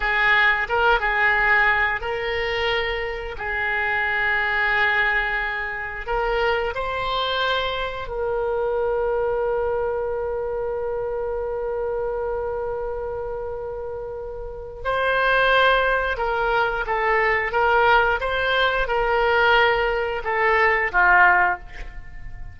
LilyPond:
\new Staff \with { instrumentName = "oboe" } { \time 4/4 \tempo 4 = 89 gis'4 ais'8 gis'4. ais'4~ | ais'4 gis'2.~ | gis'4 ais'4 c''2 | ais'1~ |
ais'1~ | ais'2 c''2 | ais'4 a'4 ais'4 c''4 | ais'2 a'4 f'4 | }